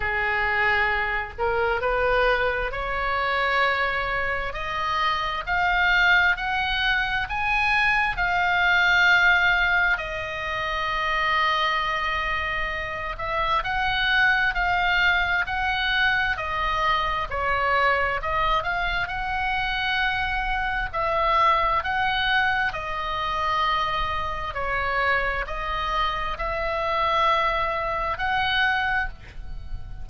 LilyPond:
\new Staff \with { instrumentName = "oboe" } { \time 4/4 \tempo 4 = 66 gis'4. ais'8 b'4 cis''4~ | cis''4 dis''4 f''4 fis''4 | gis''4 f''2 dis''4~ | dis''2~ dis''8 e''8 fis''4 |
f''4 fis''4 dis''4 cis''4 | dis''8 f''8 fis''2 e''4 | fis''4 dis''2 cis''4 | dis''4 e''2 fis''4 | }